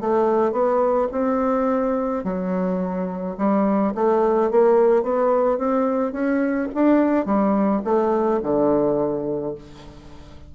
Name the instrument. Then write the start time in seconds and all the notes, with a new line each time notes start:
bassoon
0.00 A3
0.52 B3
1.11 C4
2.24 F#3
3.37 G3
3.94 A3
4.51 A#3
5.03 B3
5.58 C4
6.12 C#4
6.74 D4
7.25 G3
7.84 A3
8.42 D3